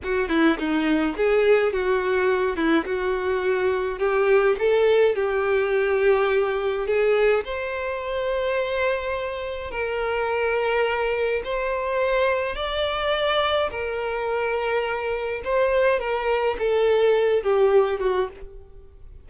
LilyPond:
\new Staff \with { instrumentName = "violin" } { \time 4/4 \tempo 4 = 105 fis'8 e'8 dis'4 gis'4 fis'4~ | fis'8 e'8 fis'2 g'4 | a'4 g'2. | gis'4 c''2.~ |
c''4 ais'2. | c''2 d''2 | ais'2. c''4 | ais'4 a'4. g'4 fis'8 | }